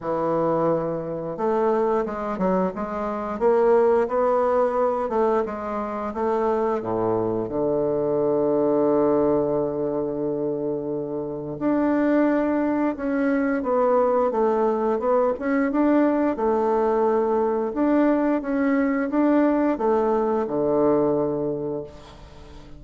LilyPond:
\new Staff \with { instrumentName = "bassoon" } { \time 4/4 \tempo 4 = 88 e2 a4 gis8 fis8 | gis4 ais4 b4. a8 | gis4 a4 a,4 d4~ | d1~ |
d4 d'2 cis'4 | b4 a4 b8 cis'8 d'4 | a2 d'4 cis'4 | d'4 a4 d2 | }